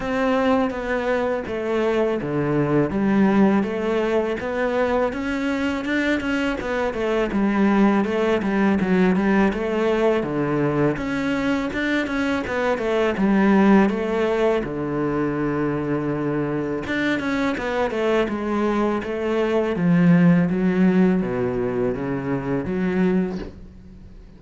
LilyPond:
\new Staff \with { instrumentName = "cello" } { \time 4/4 \tempo 4 = 82 c'4 b4 a4 d4 | g4 a4 b4 cis'4 | d'8 cis'8 b8 a8 g4 a8 g8 | fis8 g8 a4 d4 cis'4 |
d'8 cis'8 b8 a8 g4 a4 | d2. d'8 cis'8 | b8 a8 gis4 a4 f4 | fis4 b,4 cis4 fis4 | }